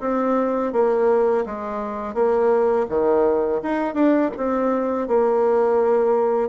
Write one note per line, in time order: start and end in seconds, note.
0.00 0.72 C4
0.72 1.44 A#3
1.45 2.14 G#3
2.14 2.86 A#3
2.89 3.61 D#3
3.62 3.94 D#4
3.94 4.30 D4
4.37 5.07 C4
5.07 6.49 A#3